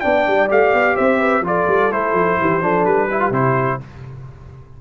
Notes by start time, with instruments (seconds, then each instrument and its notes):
0.00 tuba B3, trombone D4, horn D5, trumpet G5
0.27 tuba G3
0.48 tuba A3, trombone G4, trumpet F5
0.73 tuba B3
0.96 tuba C4, horn C5, trumpet E5
1.19 horn B4
1.41 tuba F3, trombone F4, horn A4, trumpet D5
1.67 tuba G3
1.90 tuba A3, trombone E4, trumpet C5
2.12 tuba F3
2.40 tuba E3, horn G4
2.61 tuba F3, trombone D4, horn A4
2.85 tuba G3, trumpet B4
3.08 trombone E4, horn G4
3.20 trombone F4
3.31 tuba C3, trombone E4, trumpet C5